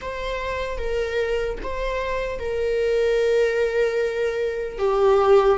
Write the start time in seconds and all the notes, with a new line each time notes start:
0.01 C5
0.78 A#4
1.62 C5
2.39 A#4
4.78 G4